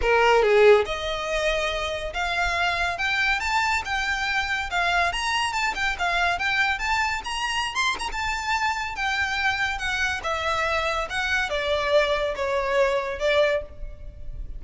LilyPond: \new Staff \with { instrumentName = "violin" } { \time 4/4 \tempo 4 = 141 ais'4 gis'4 dis''2~ | dis''4 f''2 g''4 | a''4 g''2 f''4 | ais''4 a''8 g''8 f''4 g''4 |
a''4 ais''4~ ais''16 c'''8 ais''16 a''4~ | a''4 g''2 fis''4 | e''2 fis''4 d''4~ | d''4 cis''2 d''4 | }